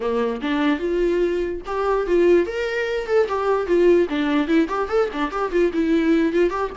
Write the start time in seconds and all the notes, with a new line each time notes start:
0.00 A#3
0.41 D4
0.79 F4
1.66 G4
2.06 F4
2.46 A#4
3.06 A4
3.28 G4
3.66 F4
4.09 D4
4.47 E4
4.68 G4
4.88 A4
5.13 D4
5.31 G4
5.51 F4
5.73 E4
6.32 F4
6.50 G4